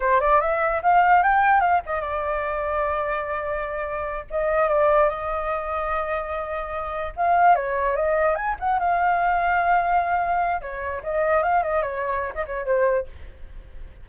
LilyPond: \new Staff \with { instrumentName = "flute" } { \time 4/4 \tempo 4 = 147 c''8 d''8 e''4 f''4 g''4 | f''8 dis''8 d''2.~ | d''2~ d''8 dis''4 d''8~ | d''8 dis''2.~ dis''8~ |
dis''4. f''4 cis''4 dis''8~ | dis''8 gis''8 fis''8 f''2~ f''8~ | f''2 cis''4 dis''4 | f''8 dis''8 cis''4~ cis''16 dis''16 cis''8 c''4 | }